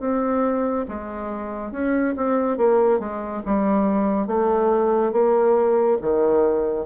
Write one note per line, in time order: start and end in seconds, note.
0.00 0.86 C4
0.88 1.72 G#3
1.72 2.15 C#4
2.17 2.58 C4
2.58 3.00 A#3
3.00 3.42 G#3
3.46 4.27 G3
4.27 5.13 A3
5.13 5.98 A#3
6.02 6.86 D#3